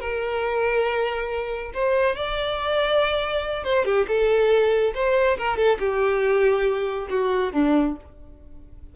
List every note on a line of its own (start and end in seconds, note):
0.00 1.71 A#4
1.73 2.16 C5
2.16 3.64 D5
3.64 3.85 C5
3.85 4.06 G4
4.08 4.93 A4
4.94 5.37 C5
5.37 5.57 A#4
5.57 5.78 A4
5.79 7.08 G4
7.10 7.53 F#4
7.53 7.95 D4